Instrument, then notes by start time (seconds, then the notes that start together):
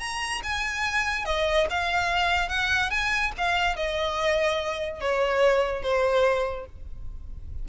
violin
0.00 A#5
0.44 G#5
1.26 D#5
1.70 F5
2.49 F#5
2.91 G#5
3.38 F5
3.77 D#5
5.01 C#5
5.83 C5